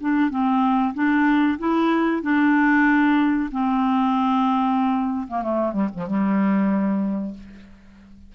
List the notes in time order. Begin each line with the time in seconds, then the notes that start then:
0.00 D4
0.30 C4
0.94 D4
1.59 E4
2.22 D4
3.51 C4
5.28 A#3
5.43 A3
5.73 G3
5.94 F3
6.07 G3